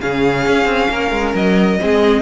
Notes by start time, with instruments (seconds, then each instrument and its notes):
0.00 cello C#3, viola C#4, violin G#4 F5
0.47 cello C#4
0.65 cello C4
0.90 cello A#3, violin A#4
1.11 cello G#3
1.34 cello F#3, violin D#5
1.79 cello G#3, viola C4, violin G#4